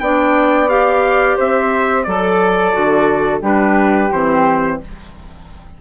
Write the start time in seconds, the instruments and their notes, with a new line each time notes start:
0.00 bassoon B3, clarinet D4, flute D5, trumpet G5
0.68 clarinet G4, trumpet F5
1.36 bassoon C4, flute C5, trumpet E5
2.04 bassoon F#3, clarinet A4, flute A4, trumpet D5
2.72 bassoon D3, clarinet F#4
3.41 bassoon G3, clarinet D4, flute G4, trumpet B4
4.11 bassoon E3, clarinet C4, trumpet C5